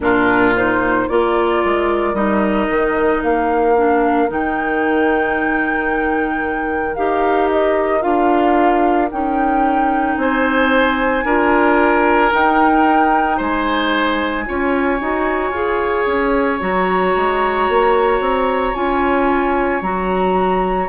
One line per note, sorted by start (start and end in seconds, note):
0.00 1.06 A#2
0.00 0.54 D4
0.00 1.07 F4
0.00 0.54 A#4
0.55 1.09 D#4
0.55 1.08 C5
1.07 1.64 A#3
1.07 2.15 F4
1.07 10.18 A#4
1.07 2.15 D5
1.64 2.13 G#3
2.13 2.67 G3
2.13 3.75 D#4
2.13 3.22 D#5
2.68 3.22 D#3
3.23 4.30 A#3
3.23 4.30 F5
3.76 4.28 D4
4.28 6.97 D#3
4.28 6.96 D#4
4.28 6.95 G5
6.95 8.04 D#4
6.95 8.01 G4
6.95 7.48 F5
7.51 8.02 D#5
8.01 9.11 D4
8.01 9.08 F4
8.01 9.09 F5
9.11 10.16 C#4
9.11 11.25 D#4
9.11 10.17 G5
10.16 11.23 C4
10.16 11.25 C5
10.16 12.31 G#5
11.24 12.31 D4
11.24 12.31 F4
11.24 13.37 A#4
12.31 14.45 D#4
12.31 13.40 D#4
12.31 13.40 G5
13.37 14.47 G#3
13.37 14.44 C5
13.37 16.61 G#5
14.45 15.00 C#4
14.45 14.98 F4
14.45 20.88 C#5
15.00 15.50 D#4
15.00 15.53 F#4
15.50 16.04 F4
15.50 16.60 G#4
16.06 16.59 C#4
16.60 17.15 F#3
16.60 18.74 F#4
16.60 18.74 A#5
17.16 17.68 G#3
17.68 18.19 A#3
18.19 18.73 C4
18.74 19.81 C#4
18.74 19.81 F4
18.74 19.81 G#5
19.81 20.88 F#3
19.81 20.88 F#4
19.81 20.88 A#5